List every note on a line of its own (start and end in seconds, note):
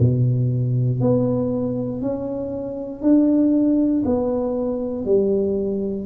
0.00 1.01 B2
1.01 2.02 B3
2.02 3.02 C#4
3.02 4.04 D4
4.05 5.05 B3
5.05 6.06 G3